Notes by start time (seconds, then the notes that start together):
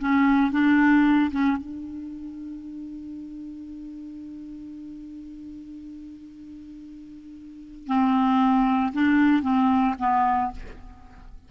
0.00 C#4
0.52 D4
1.31 C#4
1.57 D4
7.87 C4
8.93 D4
9.42 C4
9.99 B3